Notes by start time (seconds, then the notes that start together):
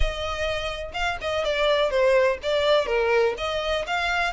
0.00 D#5
0.93 F5
1.21 D#5
1.44 D5
1.90 C5
2.42 D5
2.86 A#4
3.37 D#5
3.86 F5